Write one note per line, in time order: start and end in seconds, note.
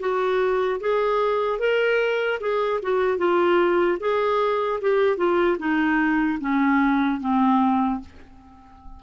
0.00 0.80 F#4
0.80 1.59 G#4
1.59 2.39 A#4
2.40 2.80 G#4
2.82 3.18 F#4
3.18 3.98 F4
4.00 4.80 G#4
4.81 5.17 G4
5.17 5.57 F4
5.59 6.39 D#4
6.40 7.20 C#4
7.20 8.00 C4